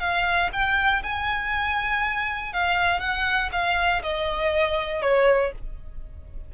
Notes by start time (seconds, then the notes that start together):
0.00 F5
0.53 G5
1.03 G#5
2.53 F5
3.00 F#5
3.52 F5
4.03 D#5
5.02 C#5